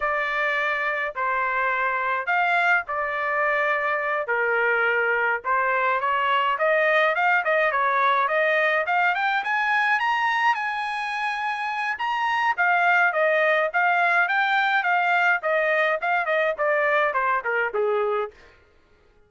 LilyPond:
\new Staff \with { instrumentName = "trumpet" } { \time 4/4 \tempo 4 = 105 d''2 c''2 | f''4 d''2~ d''8 ais'8~ | ais'4. c''4 cis''4 dis''8~ | dis''8 f''8 dis''8 cis''4 dis''4 f''8 |
g''8 gis''4 ais''4 gis''4.~ | gis''4 ais''4 f''4 dis''4 | f''4 g''4 f''4 dis''4 | f''8 dis''8 d''4 c''8 ais'8 gis'4 | }